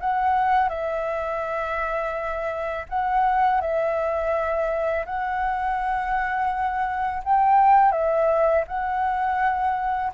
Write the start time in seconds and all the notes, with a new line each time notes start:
0.00 F#5
0.68 E5
2.88 F#5
3.60 E5
5.05 F#5
7.24 G5
7.92 E5
8.67 F#5